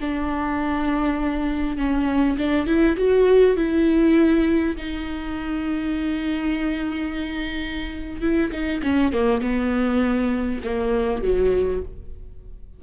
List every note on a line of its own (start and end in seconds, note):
0.00 1.77 D4
1.77 2.37 C#4
2.37 2.66 D4
2.66 2.96 E4
2.96 3.56 F#4
3.56 4.76 E4
4.76 8.21 D#4
8.21 8.51 E4
8.51 8.81 D#4
8.83 9.13 C#4
9.13 9.41 A#3
9.41 10.61 B3
10.64 11.22 A#3
11.22 11.82 F#3